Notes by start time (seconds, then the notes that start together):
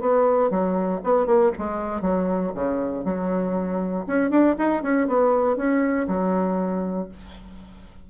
0.00 B3
0.50 F#3
1.03 B3
1.26 A#3
1.58 G#3
2.01 F#3
2.54 C#3
3.04 F#3
4.07 C#4
4.30 D4
4.58 D#4
4.82 C#4
5.07 B3
5.56 C#4
6.07 F#3